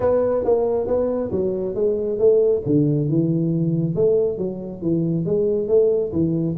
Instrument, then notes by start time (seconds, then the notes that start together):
tuba
0.00 B3
0.44 A#3
0.87 B3
1.31 F#3
1.75 G#3
2.18 A3
2.66 D3
3.08 E3
3.95 A3
4.37 F#3
4.81 E3
5.25 G#3
5.68 A3
6.12 E3